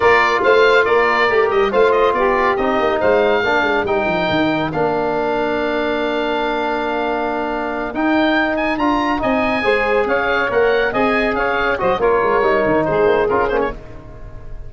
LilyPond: <<
  \new Staff \with { instrumentName = "oboe" } { \time 4/4 \tempo 4 = 140 d''4 f''4 d''4. dis''8 | f''8 dis''8 d''4 dis''4 f''4~ | f''4 g''2 f''4~ | f''1~ |
f''2~ f''8 g''4. | gis''8 ais''4 gis''2 f''8~ | f''8 fis''4 gis''4 f''4 dis''8 | cis''2 c''4 ais'8 c''16 cis''16 | }
  \new Staff \with { instrumentName = "saxophone" } { \time 4/4 ais'4 c''4 ais'2 | c''4 g'2 c''4 | ais'1~ | ais'1~ |
ais'1~ | ais'4. dis''4 c''4 cis''8~ | cis''4. dis''4 cis''4 c''8 | ais'2 gis'2 | }
  \new Staff \with { instrumentName = "trombone" } { \time 4/4 f'2. g'4 | f'2 dis'2 | d'4 dis'2 d'4~ | d'1~ |
d'2~ d'8 dis'4.~ | dis'8 f'4 dis'4 gis'4.~ | gis'8 ais'4 gis'2 fis'8 | f'4 dis'2 f'8 cis'8 | }
  \new Staff \with { instrumentName = "tuba" } { \time 4/4 ais4 a4 ais4 a8 g8 | a4 b4 c'8 ais8 gis4 | ais8 gis8 g8 f8 dis4 ais4~ | ais1~ |
ais2~ ais8 dis'4.~ | dis'8 d'4 c'4 gis4 cis'8~ | cis'8 ais4 c'4 cis'4 fis8 | ais8 gis8 g8 dis8 gis8 ais8 cis'8 ais8 | }
>>